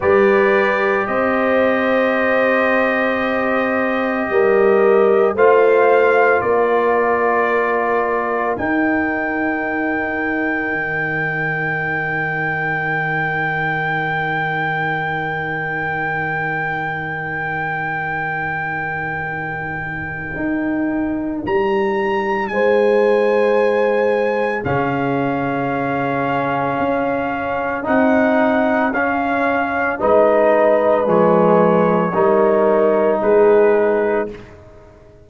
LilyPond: <<
  \new Staff \with { instrumentName = "trumpet" } { \time 4/4 \tempo 4 = 56 d''4 dis''2.~ | dis''4 f''4 d''2 | g''1~ | g''1~ |
g''1 | ais''4 gis''2 f''4~ | f''2 fis''4 f''4 | dis''4 cis''2 b'4 | }
  \new Staff \with { instrumentName = "horn" } { \time 4/4 b'4 c''2. | ais'4 c''4 ais'2~ | ais'1~ | ais'1~ |
ais'1~ | ais'4 c''2 gis'4~ | gis'1 | b'2 ais'4 gis'4 | }
  \new Staff \with { instrumentName = "trombone" } { \time 4/4 g'1~ | g'4 f'2. | dis'1~ | dis'1~ |
dis'1~ | dis'2. cis'4~ | cis'2 dis'4 cis'4 | dis'4 gis4 dis'2 | }
  \new Staff \with { instrumentName = "tuba" } { \time 4/4 g4 c'2. | g4 a4 ais2 | dis'2 dis2~ | dis1~ |
dis2. dis'4 | g4 gis2 cis4~ | cis4 cis'4 c'4 cis'4 | gis4 f4 g4 gis4 | }
>>